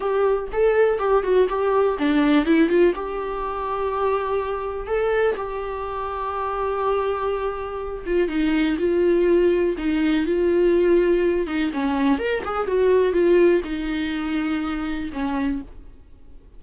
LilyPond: \new Staff \with { instrumentName = "viola" } { \time 4/4 \tempo 4 = 123 g'4 a'4 g'8 fis'8 g'4 | d'4 e'8 f'8 g'2~ | g'2 a'4 g'4~ | g'1~ |
g'8 f'8 dis'4 f'2 | dis'4 f'2~ f'8 dis'8 | cis'4 ais'8 gis'8 fis'4 f'4 | dis'2. cis'4 | }